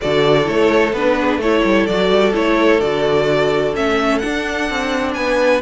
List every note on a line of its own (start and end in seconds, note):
0.01 0.48 D3
0.01 0.44 F#4
0.01 1.19 A4
0.01 0.47 D5
0.44 0.92 A3
0.44 0.91 E4
0.44 0.93 C#5
0.92 1.37 B3
0.92 1.42 D4
0.92 1.40 B4
1.20 1.39 G#4
1.37 1.61 A3
1.37 1.89 E4
1.37 5.14 A4
1.37 1.86 C#5
1.64 1.88 G3
1.86 2.10 F#3
1.86 2.32 F#4
1.86 2.33 D5
2.10 2.33 G3
2.32 2.81 A3
2.32 2.79 E4
2.32 2.80 C#5
2.80 3.74 D3
2.80 3.74 F#4
2.80 3.74 D5
3.74 4.22 A3
3.74 4.21 C#4
3.74 4.18 E5
4.18 5.61 D4
4.18 4.70 D4
4.18 5.12 F#5
4.70 5.16 C4
5.14 5.61 B3
5.14 5.61 B4
5.14 5.61 G#5